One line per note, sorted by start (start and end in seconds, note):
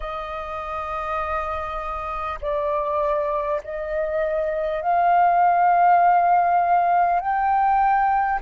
0.00 2.38 D#5
2.41 3.61 D5
3.63 4.82 D#5
4.82 7.20 F5
7.20 8.40 G5